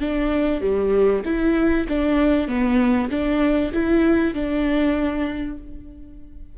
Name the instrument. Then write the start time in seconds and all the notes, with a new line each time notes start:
viola
0.00 D4
0.61 G3
1.25 E4
1.88 D4
2.48 B3
3.10 D4
3.73 E4
4.34 D4